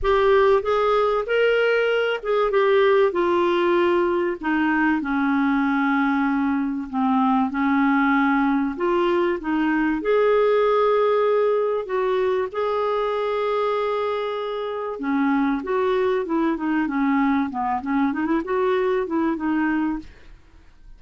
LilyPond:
\new Staff \with { instrumentName = "clarinet" } { \time 4/4 \tempo 4 = 96 g'4 gis'4 ais'4. gis'8 | g'4 f'2 dis'4 | cis'2. c'4 | cis'2 f'4 dis'4 |
gis'2. fis'4 | gis'1 | cis'4 fis'4 e'8 dis'8 cis'4 | b8 cis'8 dis'16 e'16 fis'4 e'8 dis'4 | }